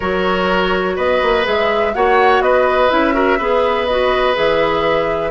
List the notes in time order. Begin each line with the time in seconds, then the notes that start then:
0.00 F#3 F#4 A#4 C#5
0.95 B3 B4 D#5
1.22 A#3
1.43 G#3 G#4 E5
1.94 A#3 F#4 C#5 F#5
2.40 B3 B4 D#5
2.89 C#4 E4 E5
3.13 F#4 A#4
3.38 B3 G#4 B4
3.85 F#4 D#5
4.33 E3 G#4 E5